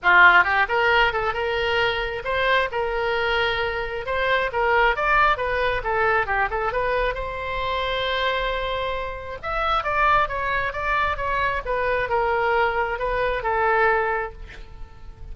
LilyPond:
\new Staff \with { instrumentName = "oboe" } { \time 4/4 \tempo 4 = 134 f'4 g'8 ais'4 a'8 ais'4~ | ais'4 c''4 ais'2~ | ais'4 c''4 ais'4 d''4 | b'4 a'4 g'8 a'8 b'4 |
c''1~ | c''4 e''4 d''4 cis''4 | d''4 cis''4 b'4 ais'4~ | ais'4 b'4 a'2 | }